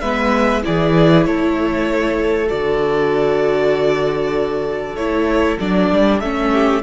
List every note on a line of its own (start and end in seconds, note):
0.00 0.63 G#3
0.00 0.63 B3
0.00 0.63 B4
0.00 0.62 E5
0.63 1.26 E3
0.63 2.48 E4
0.63 1.26 G#4
0.63 1.25 D5
1.25 2.50 A3
1.25 6.52 A4
1.25 2.48 C#5
2.48 4.95 D3
2.48 4.95 F#4
2.48 4.96 D5
4.95 5.57 A3
4.95 5.60 E4
4.95 5.58 C#5
5.60 5.91 F#3
5.60 6.22 D4
5.60 6.20 D5
5.91 6.21 G3
6.20 6.82 A3
6.20 6.82 C#4
6.20 6.82 E5
6.52 6.82 G4